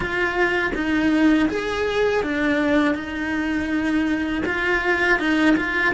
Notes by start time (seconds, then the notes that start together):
0.00 F4
0.74 D#4
1.49 G#4
2.23 D4
2.95 D#4
4.45 F4
5.19 D#4
5.56 F4